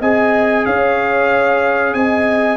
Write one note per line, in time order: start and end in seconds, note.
0.00 0.65 C4
0.00 2.57 G#4
0.00 0.65 D#5
0.00 0.66 G#5
0.66 1.94 C#4
0.66 1.95 C#5
0.66 1.94 F5
1.94 2.57 C4
1.94 2.57 D#5
1.94 2.57 G#5